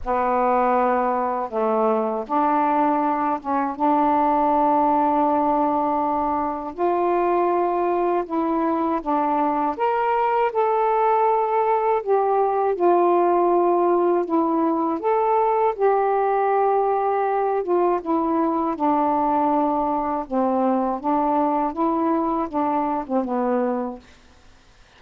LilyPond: \new Staff \with { instrumentName = "saxophone" } { \time 4/4 \tempo 4 = 80 b2 a4 d'4~ | d'8 cis'8 d'2.~ | d'4 f'2 e'4 | d'4 ais'4 a'2 |
g'4 f'2 e'4 | a'4 g'2~ g'8 f'8 | e'4 d'2 c'4 | d'4 e'4 d'8. c'16 b4 | }